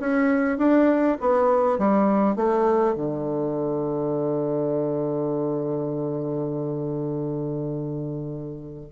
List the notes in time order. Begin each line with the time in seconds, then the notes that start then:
0.00 C#4
0.58 D4
1.20 B3
1.78 G3
2.36 A3
2.95 D3